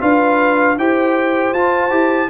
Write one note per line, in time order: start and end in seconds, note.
0.00 0.78 D4
0.00 0.76 F4
0.00 0.77 B4
0.00 0.78 F5
0.78 1.53 E4
0.78 1.55 G4
0.78 2.29 C5
0.78 1.53 G5
1.53 1.91 F4
1.53 1.90 F4
1.53 2.29 A5
1.90 2.28 E4
1.90 2.28 G4